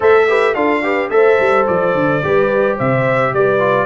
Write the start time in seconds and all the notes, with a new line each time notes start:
0.00 A3 A4 C5 E5
0.28 G4 B4
0.54 D4 F4 A4 F5
0.83 G4 B4
1.10 A3 A4 C5 E5
1.39 G3
1.67 F3 D5
1.94 D3
2.23 G3 G4 B4
2.77 C3 C5 E5
3.33 G3 B4 D5
3.59 F4